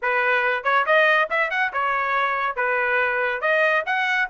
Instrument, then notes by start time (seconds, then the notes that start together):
trumpet
0.01 B4
0.63 C#5
0.86 D#5
1.30 E5
1.50 F#5
1.72 C#5
2.56 B4
3.41 D#5
3.86 F#5